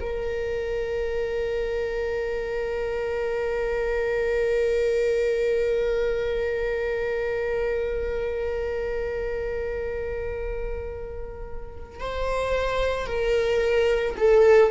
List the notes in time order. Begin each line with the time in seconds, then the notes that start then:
0.00 A#4
12.00 C5
13.07 A#4
14.17 A4